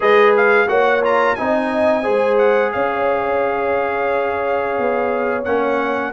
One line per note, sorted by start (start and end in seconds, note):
0.00 0.68 G#3
0.00 0.67 G#4
0.00 0.68 B4
0.00 0.35 D#5
0.37 0.68 F5
0.67 1.36 A#3
0.67 1.02 F#4
0.67 1.37 C#5
0.67 1.02 F#5
1.02 1.36 F4
1.02 1.35 A#5
1.35 2.07 C4
1.35 2.03 D#4
1.35 2.03 D#5
1.35 2.37 G#5
2.03 2.75 G#3
2.03 5.44 G#4
2.03 2.71 C5
2.37 2.72 F#5
2.72 4.78 C#4
2.72 6.12 C#5
2.72 5.44 F5
4.78 5.45 B3
5.44 6.12 A#3
5.44 6.12 C#4
5.44 6.12 F#5